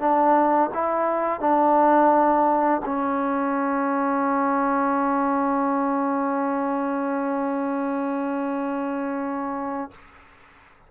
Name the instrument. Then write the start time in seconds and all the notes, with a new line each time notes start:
trombone
0.00 D4
0.74 E4
1.41 D4
2.86 C#4